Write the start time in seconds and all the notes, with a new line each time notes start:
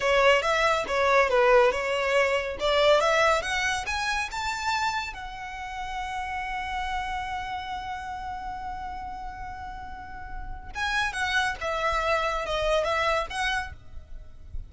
0.00 C#5
0.41 E5
0.87 C#5
1.29 B4
1.71 C#5
2.59 D5
3.00 E5
3.42 F#5
3.86 G#5
4.31 A5
5.13 F#5
10.75 G#5
11.12 F#5
11.60 E5
12.45 D#5
12.84 E5
13.30 F#5